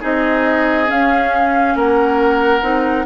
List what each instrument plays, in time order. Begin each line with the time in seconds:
0.00 bassoon C4, clarinet D#4, oboe G#4, flute D#5
0.87 clarinet C#4, bassoon C#4, flute F5
1.75 bassoon A#3, oboe A#4, flute F#5
2.62 bassoon C4, clarinet D#4